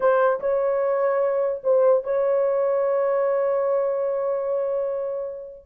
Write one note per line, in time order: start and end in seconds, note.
0.00 0.39 C5
0.39 1.61 C#5
1.63 2.03 C5
2.03 5.65 C#5